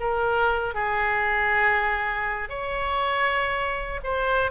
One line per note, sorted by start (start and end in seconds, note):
0.00 0.74 A#4
0.74 2.49 G#4
2.49 4.00 C#5
4.04 4.51 C5